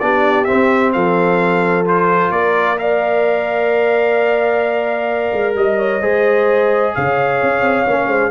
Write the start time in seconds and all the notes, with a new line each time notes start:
0.00 B3 D4 G4 D5
0.45 C4 E5
0.93 F3 A4 F5
1.85 F4 C5
2.31 A#3 A#4 D5
2.78 A#4 D5 F5
5.33 G#3
5.55 G3 D#5
5.79 C#5
6.02 G#3 G#4 C5
6.95 C#3 C#5 F5
7.43 C#4
7.62 C4
7.87 A#3 C#4
8.07 G#3 C5